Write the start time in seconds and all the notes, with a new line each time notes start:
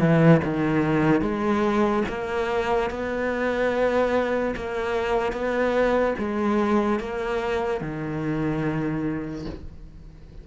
0.00 E3
0.45 D#3
1.22 G#3
2.09 A#3
2.91 B3
4.57 A#3
5.33 B3
6.19 G#3
7.00 A#3
7.82 D#3